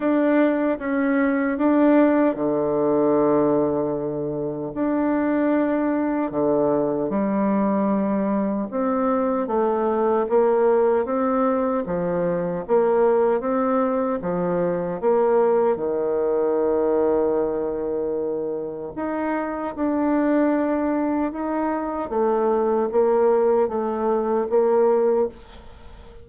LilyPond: \new Staff \with { instrumentName = "bassoon" } { \time 4/4 \tempo 4 = 76 d'4 cis'4 d'4 d4~ | d2 d'2 | d4 g2 c'4 | a4 ais4 c'4 f4 |
ais4 c'4 f4 ais4 | dis1 | dis'4 d'2 dis'4 | a4 ais4 a4 ais4 | }